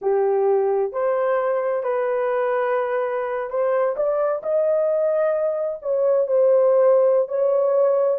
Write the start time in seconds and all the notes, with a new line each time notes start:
0.01 G4
0.92 C5
1.83 B4
3.50 C5
3.96 D5
4.42 D#5
5.81 C#5
6.27 C5
7.28 C#5